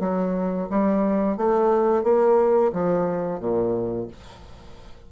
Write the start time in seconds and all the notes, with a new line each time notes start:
0.00 F#3
0.70 G3
1.37 A3
2.03 A#3
2.73 F3
3.39 A#2